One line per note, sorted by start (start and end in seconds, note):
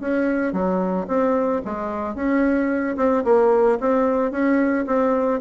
0.00 0.52 C#4
0.52 1.06 F#3
1.07 1.61 C4
1.64 2.15 G#3
2.15 2.96 C#4
2.96 3.23 C4
3.24 3.78 A#3
3.80 4.31 C4
4.31 4.85 C#4
4.86 5.40 C4